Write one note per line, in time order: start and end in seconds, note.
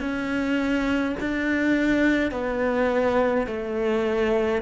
0.00 1.15 C#4
1.20 2.31 D4
2.31 3.47 B3
3.47 4.62 A3